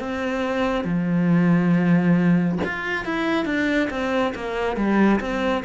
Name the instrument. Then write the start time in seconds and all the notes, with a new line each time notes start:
cello
0.00 C4
0.85 F3
2.65 F4
3.05 E4
3.45 D4
3.91 C4
4.35 A#3
4.77 G3
5.21 C4